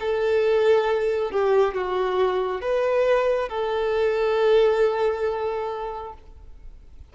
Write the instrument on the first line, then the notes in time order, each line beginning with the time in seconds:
violin
0.00 A4
1.31 G4
1.74 F#4
2.61 B4
3.49 A4